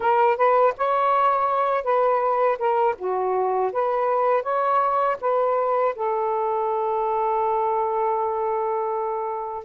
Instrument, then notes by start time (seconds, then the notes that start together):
saxophone
0.00 A#4
0.36 B4
0.77 C#5
1.84 B4
2.58 A#4
2.98 F#4
3.72 B4
4.42 C#5
5.21 B4
5.95 A4